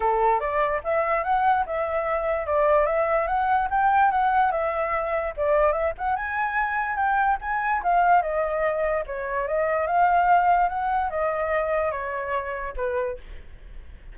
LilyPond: \new Staff \with { instrumentName = "flute" } { \time 4/4 \tempo 4 = 146 a'4 d''4 e''4 fis''4 | e''2 d''4 e''4 | fis''4 g''4 fis''4 e''4~ | e''4 d''4 e''8 fis''8 gis''4~ |
gis''4 g''4 gis''4 f''4 | dis''2 cis''4 dis''4 | f''2 fis''4 dis''4~ | dis''4 cis''2 b'4 | }